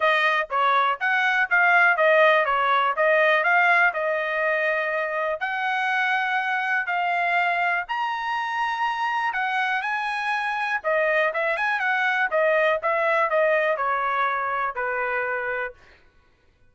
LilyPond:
\new Staff \with { instrumentName = "trumpet" } { \time 4/4 \tempo 4 = 122 dis''4 cis''4 fis''4 f''4 | dis''4 cis''4 dis''4 f''4 | dis''2. fis''4~ | fis''2 f''2 |
ais''2. fis''4 | gis''2 dis''4 e''8 gis''8 | fis''4 dis''4 e''4 dis''4 | cis''2 b'2 | }